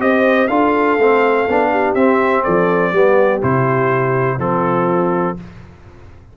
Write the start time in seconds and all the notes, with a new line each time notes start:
0.00 C4 G4 C5 D#5
0.48 D4 F4 A4 F5
0.99 A3 C4
1.49 B3 D4
1.71 G4
1.95 C4 E5
2.44 F3 A4 D5
2.92 G3 B3 G4
3.42 C3 E4 C5
4.39 F3 C4 F4 A4